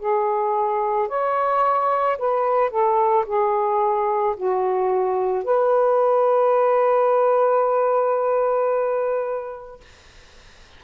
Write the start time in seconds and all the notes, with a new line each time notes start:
0.00 G#4
1.09 C#5
2.19 B4
2.71 A4
3.27 G#4
4.37 F#4
5.44 B4